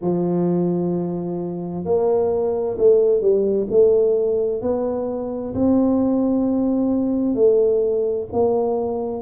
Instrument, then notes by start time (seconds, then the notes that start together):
tuba
0.01 F3
1.85 A#3
2.78 A3
3.21 G3
3.70 A3
4.61 B3
5.54 C4
7.34 A3
8.32 A#3